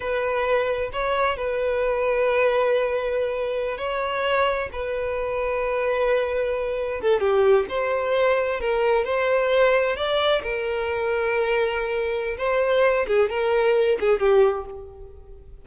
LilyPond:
\new Staff \with { instrumentName = "violin" } { \time 4/4 \tempo 4 = 131 b'2 cis''4 b'4~ | b'1~ | b'16 cis''2 b'4.~ b'16~ | b'2.~ b'16 a'8 g'16~ |
g'8. c''2 ais'4 c''16~ | c''4.~ c''16 d''4 ais'4~ ais'16~ | ais'2. c''4~ | c''8 gis'8 ais'4. gis'8 g'4 | }